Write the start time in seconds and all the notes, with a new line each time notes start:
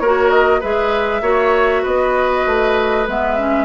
0.00 A#3 F#4 A#4 C#5
0.31 D#5
0.61 G#3 G#4 B4 E5
1.22 A#3 F#4 C#5
1.83 B3 B4 D#5
2.47 A3
3.08 G#3 B3 E5
3.38 C#4